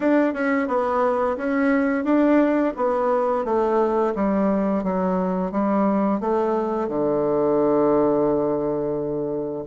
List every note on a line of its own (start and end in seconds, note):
0.00 0.33 D4
0.33 0.67 C#4
0.67 1.36 B3
1.37 2.04 C#4
2.04 2.73 D4
2.76 3.45 B3
3.45 4.13 A3
4.15 4.83 G3
4.83 5.51 F#3
5.51 6.20 G3
6.20 6.88 A3
6.88 9.64 D3